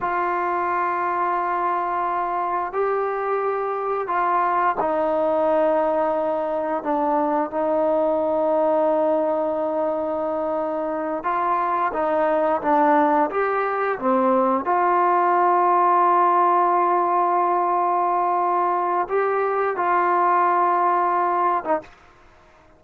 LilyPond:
\new Staff \with { instrumentName = "trombone" } { \time 4/4 \tempo 4 = 88 f'1 | g'2 f'4 dis'4~ | dis'2 d'4 dis'4~ | dis'1~ |
dis'8 f'4 dis'4 d'4 g'8~ | g'8 c'4 f'2~ f'8~ | f'1 | g'4 f'2~ f'8. dis'16 | }